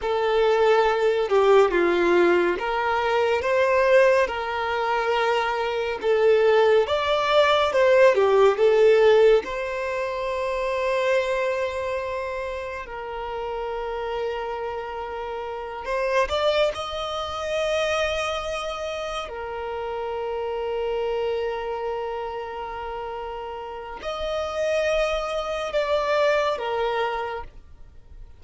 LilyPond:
\new Staff \with { instrumentName = "violin" } { \time 4/4 \tempo 4 = 70 a'4. g'8 f'4 ais'4 | c''4 ais'2 a'4 | d''4 c''8 g'8 a'4 c''4~ | c''2. ais'4~ |
ais'2~ ais'8 c''8 d''8 dis''8~ | dis''2~ dis''8 ais'4.~ | ais'1 | dis''2 d''4 ais'4 | }